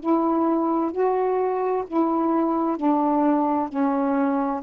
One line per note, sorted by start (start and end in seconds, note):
0.00 0.91 E4
0.91 1.84 F#4
1.87 2.77 E4
2.77 3.69 D4
3.69 4.61 C#4